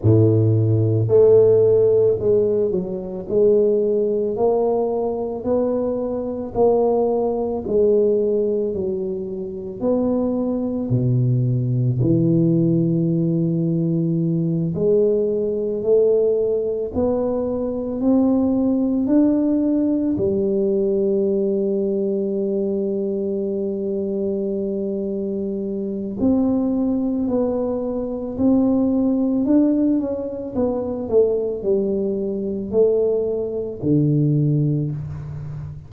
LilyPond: \new Staff \with { instrumentName = "tuba" } { \time 4/4 \tempo 4 = 55 a,4 a4 gis8 fis8 gis4 | ais4 b4 ais4 gis4 | fis4 b4 b,4 e4~ | e4. gis4 a4 b8~ |
b8 c'4 d'4 g4.~ | g1 | c'4 b4 c'4 d'8 cis'8 | b8 a8 g4 a4 d4 | }